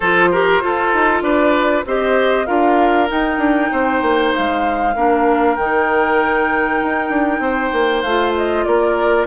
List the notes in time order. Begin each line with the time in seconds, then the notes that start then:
0.00 F3 F4 A4 C5
0.31 G4 A#4
0.61 F4 A4
0.93 D#4
1.22 D4 B4 D5
1.85 C4 G4 C5 D#5
2.46 D4 F4 A#4 F5
3.08 D#4 G5
3.38 D4
3.71 C4 C5
4.02 A#3
4.33 G#3 F5
4.95 A#3 D4 A#4
5.56 D#3 D#4 G5
6.82 D#4
7.09 D4
7.39 C4 C5
7.72 A#3
8.02 A3 F4 F5
8.36 D#5
8.64 A#3 A#4 D5